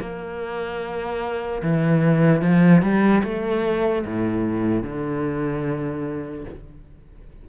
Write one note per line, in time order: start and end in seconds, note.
0.00 1.62 A#3
1.63 2.42 E3
2.42 2.82 F3
2.82 3.23 G3
3.24 4.05 A3
4.06 4.83 A2
4.83 6.45 D3